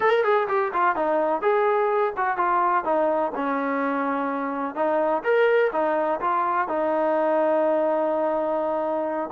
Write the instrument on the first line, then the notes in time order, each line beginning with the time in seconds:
trombone
0.00 A#4
0.23 G#4
0.48 G4
0.73 F4
0.95 D#4
1.41 G#4
2.16 F#4
2.37 F4
2.84 D#4
3.35 C#4
4.75 D#4
5.23 A#4
5.72 D#4
6.20 F4
6.68 D#4